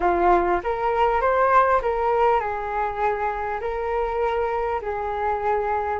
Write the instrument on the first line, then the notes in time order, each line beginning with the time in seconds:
flute
0.00 F4
0.63 A#4
1.21 C5
1.82 A#4
2.40 G#4
3.61 A#4
4.81 G#4